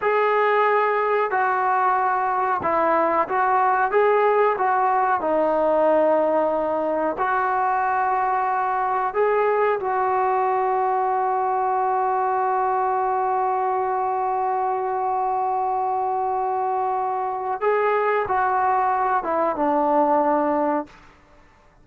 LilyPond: \new Staff \with { instrumentName = "trombone" } { \time 4/4 \tempo 4 = 92 gis'2 fis'2 | e'4 fis'4 gis'4 fis'4 | dis'2. fis'4~ | fis'2 gis'4 fis'4~ |
fis'1~ | fis'1~ | fis'2. gis'4 | fis'4. e'8 d'2 | }